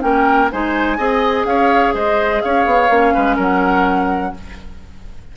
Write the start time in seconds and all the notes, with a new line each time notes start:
0.00 A#3 C#4 A#4 G5
0.52 G#3 D#4 C5 G#5
0.97 C4 G#4 D#5
1.45 C#4 C#5 F5
1.94 G#3 C5 D#5
2.41 C#4 C#5 F5
2.66 B3
2.89 A#3 C#4
3.14 G#3 B4
3.36 F#3 A#4 F#5